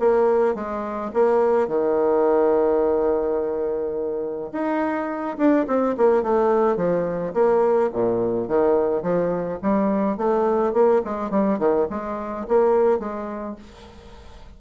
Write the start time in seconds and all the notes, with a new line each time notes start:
0.00 A#3
0.55 G#3
1.14 A#3
1.68 D#3
4.53 D#4
5.38 D4
5.68 C4
5.98 A#3
6.23 A3
6.77 F3
7.34 A#3
7.93 A#2
8.49 D#3
9.03 F3
9.63 G3
10.18 A3
10.74 A#3
11.05 G#3
11.31 G3
11.59 D#3
11.90 G#3
12.48 A#3
13.00 G#3